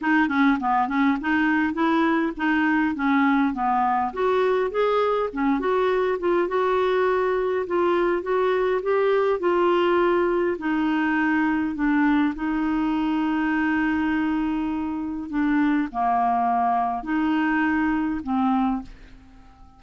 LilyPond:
\new Staff \with { instrumentName = "clarinet" } { \time 4/4 \tempo 4 = 102 dis'8 cis'8 b8 cis'8 dis'4 e'4 | dis'4 cis'4 b4 fis'4 | gis'4 cis'8 fis'4 f'8 fis'4~ | fis'4 f'4 fis'4 g'4 |
f'2 dis'2 | d'4 dis'2.~ | dis'2 d'4 ais4~ | ais4 dis'2 c'4 | }